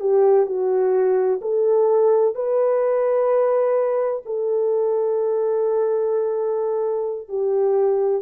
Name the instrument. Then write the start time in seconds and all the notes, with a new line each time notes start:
horn
0.00 G4
0.46 F#4
1.41 A4
2.35 B4
4.25 A4
7.28 G4